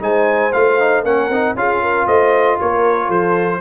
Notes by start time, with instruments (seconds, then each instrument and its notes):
0.00 tuba G#3, trombone D#4, horn C5, trumpet G#5
0.52 tuba A3, trombone F4, trumpet F5
0.79 trombone D#4
1.03 tuba A#3, trombone C#4, horn A#4, trumpet F#5
1.28 tuba C4, trombone D#4
1.54 tuba C#4, trombone F4, horn G#4, trumpet F5
1.82 horn A#4
2.05 tuba A3, horn C5, trumpet D#5
2.59 tuba A#3, horn A#4, trumpet C#5
3.07 tuba F3, horn A4, trumpet C5